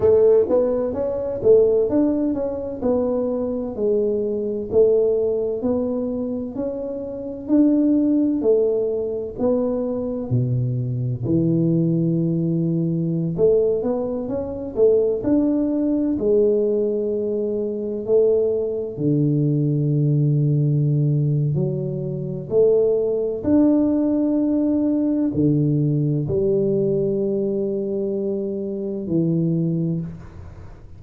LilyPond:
\new Staff \with { instrumentName = "tuba" } { \time 4/4 \tempo 4 = 64 a8 b8 cis'8 a8 d'8 cis'8 b4 | gis4 a4 b4 cis'4 | d'4 a4 b4 b,4 | e2~ e16 a8 b8 cis'8 a16~ |
a16 d'4 gis2 a8.~ | a16 d2~ d8. fis4 | a4 d'2 d4 | g2. e4 | }